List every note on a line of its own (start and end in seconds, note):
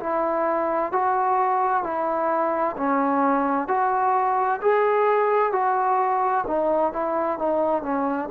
0.00 0.92 E4
0.92 1.84 F#4
1.84 2.76 E4
2.77 3.68 C#4
3.68 4.60 F#4
4.62 5.53 G#4
5.53 6.45 F#4
6.47 6.93 D#4
6.93 7.39 E4
7.39 7.83 D#4
7.83 8.29 C#4